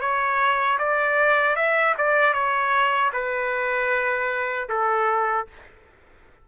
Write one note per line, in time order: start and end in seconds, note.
0.00 0.78 C#5
0.78 1.55 D5
1.55 1.94 E5
1.97 2.33 D5
2.33 3.11 C#5
3.12 4.68 B4
4.69 5.47 A4